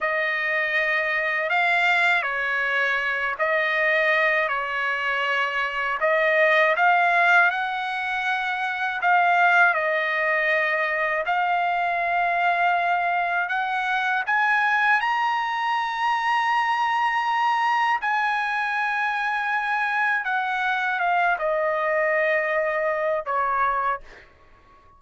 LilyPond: \new Staff \with { instrumentName = "trumpet" } { \time 4/4 \tempo 4 = 80 dis''2 f''4 cis''4~ | cis''8 dis''4. cis''2 | dis''4 f''4 fis''2 | f''4 dis''2 f''4~ |
f''2 fis''4 gis''4 | ais''1 | gis''2. fis''4 | f''8 dis''2~ dis''8 cis''4 | }